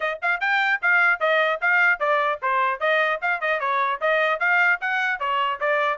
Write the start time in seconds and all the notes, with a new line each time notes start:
0.00 D#5
0.22 F5
0.40 G5
0.81 F5
1.19 D#5
1.61 F5
1.99 D5
2.41 C5
2.79 D#5
3.21 F5
3.41 D#5
3.60 C#5
4.00 D#5
4.39 F5
4.81 F#5
5.19 C#5
5.59 D5